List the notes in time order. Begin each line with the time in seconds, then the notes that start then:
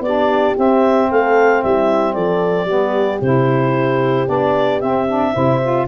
0.00 B3 G4 D5
0.06 D4
0.55 C4 E5
1.10 A3 A4 F5
1.63 G3 E4 E5
2.14 F3 A4 D5
2.65 G3 B3 G4
3.21 C3 E4 C5
4.26 B3 D4 D5
4.80 C4 E5
5.08 D4
5.34 C3 E4 C5
5.62 F4